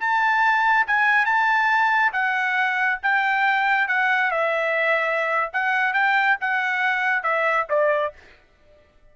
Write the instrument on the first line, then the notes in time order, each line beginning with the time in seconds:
trumpet
0.00 A5
0.87 G#5
1.26 A5
2.13 F#5
3.03 G5
3.88 F#5
4.31 E5
5.53 F#5
5.94 G5
6.41 F#5
7.23 E5
7.70 D5